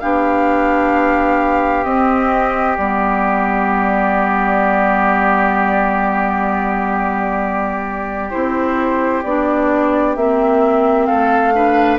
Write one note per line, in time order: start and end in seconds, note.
0.00 1.85 B3
0.00 1.84 D4
0.00 11.07 G4
0.00 1.84 F5
1.84 2.77 C4
1.84 2.77 D#5
2.77 8.32 G3
2.77 8.31 B3
2.77 8.31 D5
8.31 9.24 C4
8.31 9.23 E4
8.31 9.23 C5
9.23 10.16 B3
9.23 10.17 D4
9.23 10.16 D5
10.16 11.09 A#3
10.16 11.54 C4
10.16 11.06 E5
11.06 12.00 A3
11.06 11.53 A4
11.06 11.98 F5
11.54 12.00 D4
11.54 12.00 B4